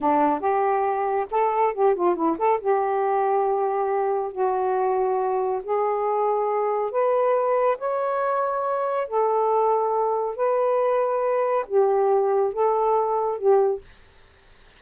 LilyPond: \new Staff \with { instrumentName = "saxophone" } { \time 4/4 \tempo 4 = 139 d'4 g'2 a'4 | g'8 f'8 e'8 a'8 g'2~ | g'2 fis'2~ | fis'4 gis'2. |
b'2 cis''2~ | cis''4 a'2. | b'2. g'4~ | g'4 a'2 g'4 | }